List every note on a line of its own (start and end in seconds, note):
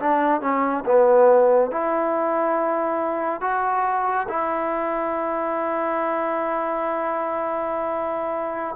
0.00 0.42 D4
0.42 0.85 C#4
0.86 1.71 B3
1.71 3.42 E4
3.42 4.27 F#4
4.29 8.77 E4